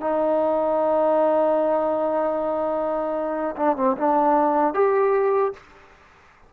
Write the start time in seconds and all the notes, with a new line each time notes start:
0.00 D#4
3.56 D4
3.76 C4
3.97 D4
4.74 G4